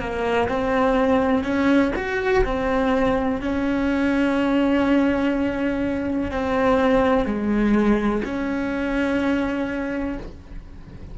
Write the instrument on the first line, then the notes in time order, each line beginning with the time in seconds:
cello
0.00 A#3
0.49 C4
1.44 C#4
1.96 F#4
2.45 C4
3.41 C#4
6.32 C4
7.25 G#3
8.25 C#4